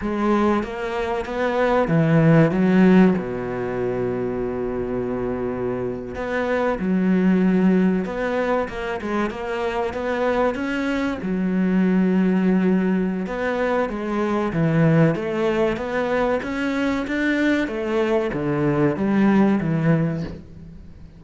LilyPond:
\new Staff \with { instrumentName = "cello" } { \time 4/4 \tempo 4 = 95 gis4 ais4 b4 e4 | fis4 b,2.~ | b,4.~ b,16 b4 fis4~ fis16~ | fis8. b4 ais8 gis8 ais4 b16~ |
b8. cis'4 fis2~ fis16~ | fis4 b4 gis4 e4 | a4 b4 cis'4 d'4 | a4 d4 g4 e4 | }